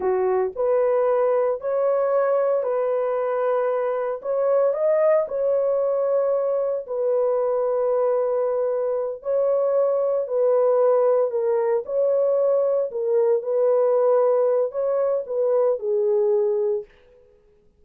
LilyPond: \new Staff \with { instrumentName = "horn" } { \time 4/4 \tempo 4 = 114 fis'4 b'2 cis''4~ | cis''4 b'2. | cis''4 dis''4 cis''2~ | cis''4 b'2.~ |
b'4. cis''2 b'8~ | b'4. ais'4 cis''4.~ | cis''8 ais'4 b'2~ b'8 | cis''4 b'4 gis'2 | }